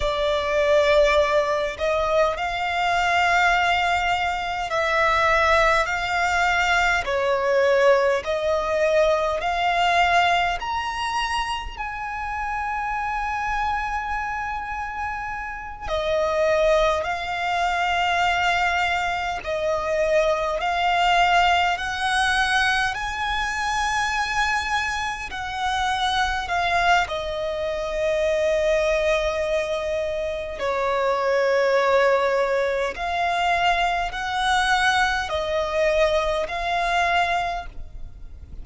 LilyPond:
\new Staff \with { instrumentName = "violin" } { \time 4/4 \tempo 4 = 51 d''4. dis''8 f''2 | e''4 f''4 cis''4 dis''4 | f''4 ais''4 gis''2~ | gis''4. dis''4 f''4.~ |
f''8 dis''4 f''4 fis''4 gis''8~ | gis''4. fis''4 f''8 dis''4~ | dis''2 cis''2 | f''4 fis''4 dis''4 f''4 | }